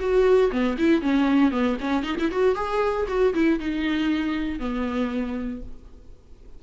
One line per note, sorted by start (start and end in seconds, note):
0.00 0.51 F#4
0.52 0.78 B3
0.78 1.02 E4
1.02 1.52 C#4
1.52 1.77 B3
1.81 2.04 C#4
2.04 2.17 D#4
2.19 2.32 E4
2.32 2.56 F#4
2.56 3.07 G#4
3.08 3.34 F#4
3.34 3.60 E4
3.60 4.60 D#4
4.60 5.62 B3